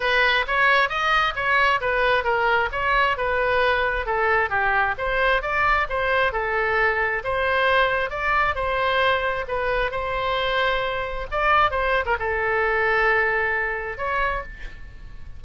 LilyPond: \new Staff \with { instrumentName = "oboe" } { \time 4/4 \tempo 4 = 133 b'4 cis''4 dis''4 cis''4 | b'4 ais'4 cis''4 b'4~ | b'4 a'4 g'4 c''4 | d''4 c''4 a'2 |
c''2 d''4 c''4~ | c''4 b'4 c''2~ | c''4 d''4 c''8. ais'16 a'4~ | a'2. cis''4 | }